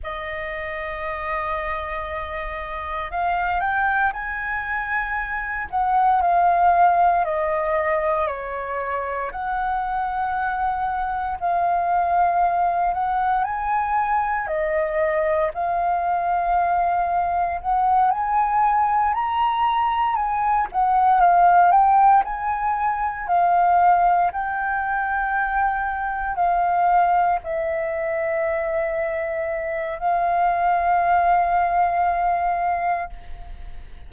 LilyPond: \new Staff \with { instrumentName = "flute" } { \time 4/4 \tempo 4 = 58 dis''2. f''8 g''8 | gis''4. fis''8 f''4 dis''4 | cis''4 fis''2 f''4~ | f''8 fis''8 gis''4 dis''4 f''4~ |
f''4 fis''8 gis''4 ais''4 gis''8 | fis''8 f''8 g''8 gis''4 f''4 g''8~ | g''4. f''4 e''4.~ | e''4 f''2. | }